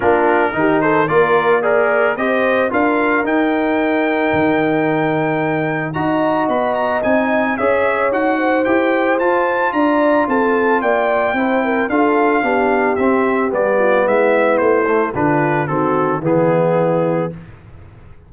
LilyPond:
<<
  \new Staff \with { instrumentName = "trumpet" } { \time 4/4 \tempo 4 = 111 ais'4. c''8 d''4 ais'4 | dis''4 f''4 g''2~ | g''2. ais''4 | b''8 ais''8 gis''4 e''4 fis''4 |
g''4 a''4 ais''4 a''4 | g''2 f''2 | e''4 d''4 e''4 c''4 | b'4 a'4 gis'2 | }
  \new Staff \with { instrumentName = "horn" } { \time 4/4 f'4 g'8 a'8 ais'4 d''4 | c''4 ais'2.~ | ais'2. dis''4~ | dis''2 cis''4. c''8~ |
c''2 d''4 a'4 | d''4 c''8 ais'8 a'4 g'4~ | g'4. f'8 e'2 | f'4 fis'4 e'2 | }
  \new Staff \with { instrumentName = "trombone" } { \time 4/4 d'4 dis'4 f'4 gis'4 | g'4 f'4 dis'2~ | dis'2. fis'4~ | fis'4 dis'4 gis'4 fis'4 |
g'4 f'2.~ | f'4 e'4 f'4 d'4 | c'4 b2~ b8 a8 | d'4 c'4 b2 | }
  \new Staff \with { instrumentName = "tuba" } { \time 4/4 ais4 dis4 ais2 | c'4 d'4 dis'2 | dis2. dis'4 | b4 c'4 cis'4 dis'4 |
e'4 f'4 d'4 c'4 | ais4 c'4 d'4 b4 | c'4 g4 gis4 a4 | d4 dis4 e2 | }
>>